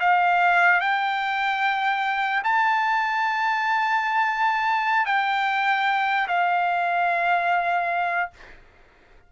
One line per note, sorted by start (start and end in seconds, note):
0.00 0.80 F5
0.80 2.43 G5
2.44 5.06 A5
5.06 6.27 G5
6.28 8.30 F5